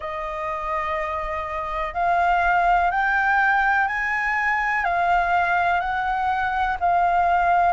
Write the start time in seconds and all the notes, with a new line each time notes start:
0.00 D#5
1.94 F5
2.90 G5
3.87 G#5
4.84 F5
5.80 F#5
6.80 F5